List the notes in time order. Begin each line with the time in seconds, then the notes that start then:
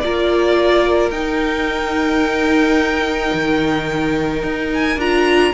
0.00 A#3 F4 A#4 D5
1.10 D#4 G5
3.33 D#3
4.43 D#4
4.74 G#5
4.96 D4 F4 A#5